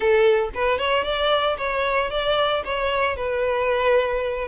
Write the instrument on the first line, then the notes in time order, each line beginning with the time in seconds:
violin
0.00 A4
0.54 B4
0.78 C#5
1.04 D5
1.57 C#5
2.10 D5
2.64 C#5
3.16 B4